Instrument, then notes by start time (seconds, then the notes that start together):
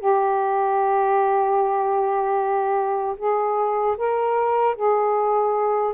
saxophone
0.00 G4
3.18 G#4
3.97 A#4
4.75 G#4